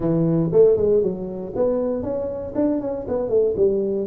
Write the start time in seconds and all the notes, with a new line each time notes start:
0.00 E3
0.52 A3
0.77 G#3
1.02 F#3
1.55 B3
2.02 C#4
2.55 D4
2.81 C#4
3.07 B3
3.29 A3
3.56 G3